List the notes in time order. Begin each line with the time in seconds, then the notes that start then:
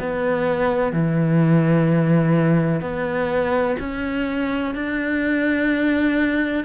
0.00 B3
0.93 E3
2.81 B3
3.80 C#4
4.75 D4